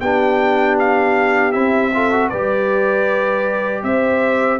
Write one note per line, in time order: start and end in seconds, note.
0.00 1.54 B3
0.00 1.53 D4
0.00 1.93 G4
0.00 0.77 G5
0.79 1.52 F5
1.52 2.31 C4
1.52 1.91 E4
1.52 2.29 E5
1.94 2.12 F4
1.94 2.29 A4
2.12 2.31 F#4
2.29 3.83 G3
2.29 4.59 G4
2.29 3.83 B4
2.29 3.83 D5
3.83 4.59 C4
3.83 4.59 C5
3.83 4.59 E5